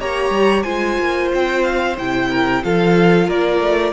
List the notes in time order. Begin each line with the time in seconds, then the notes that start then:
0.00 A#3 G4 C#5 A#5
0.30 G3
0.63 G#3 F4 C5 G#5
0.99 A#3
1.34 C4 G5
1.63 F5
1.97 C3 E4 G5
2.30 A#4
2.63 F3 F4 A4 F5
3.27 A#3 A#4 D5
3.60 A3